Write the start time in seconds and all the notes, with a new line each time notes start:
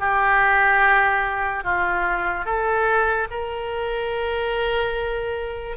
0.00 G4
1.64 F4
2.45 A4
3.31 A#4